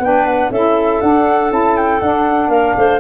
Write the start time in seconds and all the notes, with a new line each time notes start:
0.00 B3 D4 B4 G5
0.26 F#5
0.51 C#4 E4 A4 E5
1.02 D4 F#5
1.50 C#4 E4 A5
1.77 G5
2.01 D4 F#5
2.49 A#3 A#4 F5
2.77 A3 C5